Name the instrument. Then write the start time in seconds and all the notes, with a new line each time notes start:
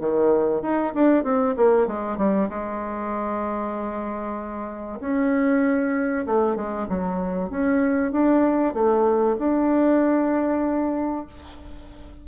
bassoon
0.00 D#3
0.62 D#4
0.95 D4
1.24 C4
1.57 A#3
1.87 G#3
2.18 G3
2.50 G#3
5.01 C#4
6.26 A3
6.56 G#3
6.89 F#3
7.50 C#4
8.12 D4
8.74 A3
9.39 D4